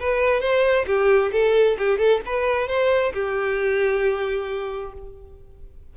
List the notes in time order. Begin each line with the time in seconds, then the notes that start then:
0.00 B4
0.41 C5
0.87 G4
1.32 A4
1.78 G4
1.98 A4
2.26 B4
2.68 C5
3.14 G4